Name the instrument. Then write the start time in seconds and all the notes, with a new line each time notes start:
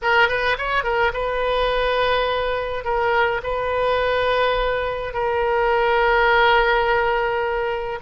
oboe
0.02 A#4
0.28 B4
0.58 C#5
0.83 A#4
1.13 B4
2.84 A#4
3.43 B4
5.13 A#4